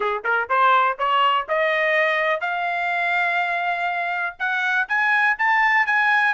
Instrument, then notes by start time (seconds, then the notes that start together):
trumpet
0.00 G#4
0.24 A#4
0.49 C5
0.98 C#5
1.48 D#5
2.40 F5
4.39 F#5
4.88 G#5
5.38 A5
5.86 G#5